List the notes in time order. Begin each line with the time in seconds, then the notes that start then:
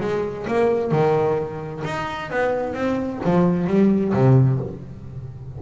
0.00 G#3
0.47 A#3
0.91 D#3
1.84 D#4
2.30 B3
2.74 C4
3.24 F3
3.67 G3
4.13 C3